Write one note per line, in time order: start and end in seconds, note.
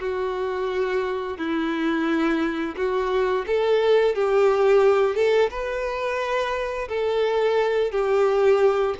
0.00 1.38 F#4
1.38 2.76 E4
2.76 3.45 F#4
3.47 4.15 A4
4.15 5.15 G4
5.15 5.50 A4
5.50 6.88 B4
6.89 7.92 A4
7.92 8.95 G4